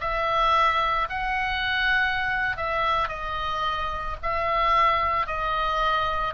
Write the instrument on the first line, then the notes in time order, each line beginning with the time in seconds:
oboe
0.00 E5
1.09 F#5
2.57 E5
3.08 D#5
4.22 E5
5.27 D#5